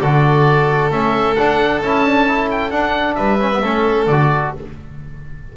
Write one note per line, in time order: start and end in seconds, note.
0.00 0.91 D3
0.00 0.91 F#4
0.00 3.16 A4
0.00 0.91 D5
0.91 1.36 A3
0.91 1.36 C#4
0.91 1.35 E5
1.35 1.83 D4
1.35 1.81 D4
1.35 1.80 F#5
1.81 2.71 C#4
1.81 2.05 E4
1.81 2.50 A5
2.05 2.27 D4
2.27 2.71 E4
2.51 2.70 G5
2.70 3.39 D4
2.70 3.17 D4
2.70 3.15 F#5
3.15 3.61 G3
3.15 3.61 B4
3.15 4.05 E5
3.39 3.50 C#4
3.51 3.62 B3
3.61 4.06 A3
3.61 4.08 C#4
3.61 4.52 A4
4.06 4.52 D3
4.06 4.56 F#4
4.06 4.52 D5